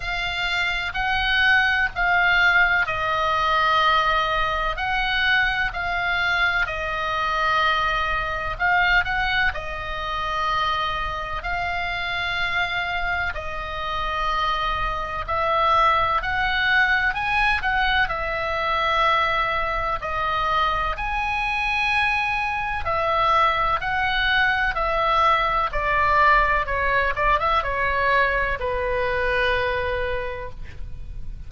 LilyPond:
\new Staff \with { instrumentName = "oboe" } { \time 4/4 \tempo 4 = 63 f''4 fis''4 f''4 dis''4~ | dis''4 fis''4 f''4 dis''4~ | dis''4 f''8 fis''8 dis''2 | f''2 dis''2 |
e''4 fis''4 gis''8 fis''8 e''4~ | e''4 dis''4 gis''2 | e''4 fis''4 e''4 d''4 | cis''8 d''16 e''16 cis''4 b'2 | }